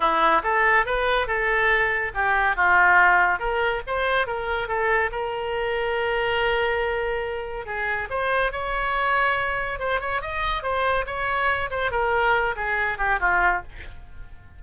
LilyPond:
\new Staff \with { instrumentName = "oboe" } { \time 4/4 \tempo 4 = 141 e'4 a'4 b'4 a'4~ | a'4 g'4 f'2 | ais'4 c''4 ais'4 a'4 | ais'1~ |
ais'2 gis'4 c''4 | cis''2. c''8 cis''8 | dis''4 c''4 cis''4. c''8 | ais'4. gis'4 g'8 f'4 | }